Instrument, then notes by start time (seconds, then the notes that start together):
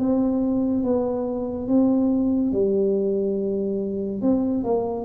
tuba
0.00 C4
0.84 B3
1.69 C4
2.53 G3
4.22 C4
4.64 A#3